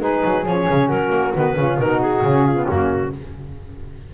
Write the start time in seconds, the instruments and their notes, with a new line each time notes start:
0.00 double bass G#3, saxophone D#4, flute G#4, clarinet B4
0.24 double bass F#3
0.46 double bass F3, saxophone C#4, clarinet C#5
0.70 double bass C#3
0.88 double bass F#3, flute F#4, clarinet A#4
1.10 double bass A#3
1.34 double bass D#3, saxophone B3, clarinet B4
1.56 double bass C#3, saxophone C#4, flute F4
1.78 double bass B2, saxophone D#4, flute F#4, clarinet A#4
2.01 clarinet G#4
2.22 double bass C#3, saxophone C#4
2.48 flute F4
2.56 saxophone B3
2.67 double bass F#2, saxophone A#3, flute C#4, clarinet F#4